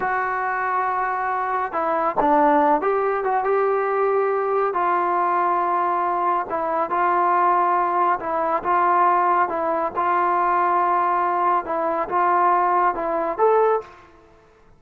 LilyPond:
\new Staff \with { instrumentName = "trombone" } { \time 4/4 \tempo 4 = 139 fis'1 | e'4 d'4. g'4 fis'8 | g'2. f'4~ | f'2. e'4 |
f'2. e'4 | f'2 e'4 f'4~ | f'2. e'4 | f'2 e'4 a'4 | }